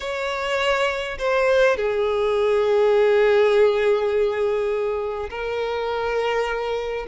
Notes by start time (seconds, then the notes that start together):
0.00 C#5
1.18 C5
1.76 G#4
5.29 A#4